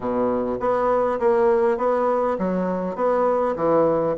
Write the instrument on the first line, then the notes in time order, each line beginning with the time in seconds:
bassoon
0.00 B2
0.59 B3
1.19 A#3
1.77 B3
2.38 F#3
2.95 B3
3.56 E3